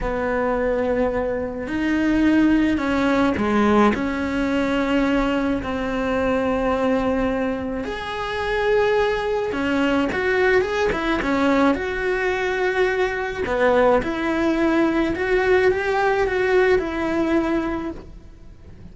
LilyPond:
\new Staff \with { instrumentName = "cello" } { \time 4/4 \tempo 4 = 107 b2. dis'4~ | dis'4 cis'4 gis4 cis'4~ | cis'2 c'2~ | c'2 gis'2~ |
gis'4 cis'4 fis'4 gis'8 e'8 | cis'4 fis'2. | b4 e'2 fis'4 | g'4 fis'4 e'2 | }